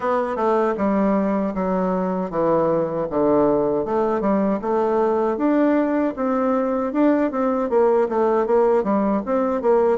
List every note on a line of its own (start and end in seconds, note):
0.00 0.36 B3
0.36 0.74 A3
0.77 1.53 G3
1.54 2.30 F#3
2.30 3.07 E3
3.09 3.85 D3
3.85 4.21 A3
4.21 4.59 G3
4.62 5.37 A3
5.37 6.14 D4
6.15 6.92 C4
6.92 7.31 D4
7.31 7.69 C4
7.69 8.08 A#3
8.08 8.46 A3
8.46 8.83 A#3
8.83 9.21 G3
9.25 9.62 C4
9.62 9.98 A#3